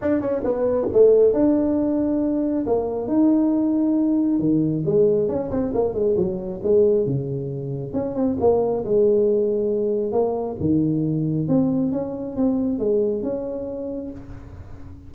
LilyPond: \new Staff \with { instrumentName = "tuba" } { \time 4/4 \tempo 4 = 136 d'8 cis'8 b4 a4 d'4~ | d'2 ais4 dis'4~ | dis'2 dis4 gis4 | cis'8 c'8 ais8 gis8 fis4 gis4 |
cis2 cis'8 c'8 ais4 | gis2. ais4 | dis2 c'4 cis'4 | c'4 gis4 cis'2 | }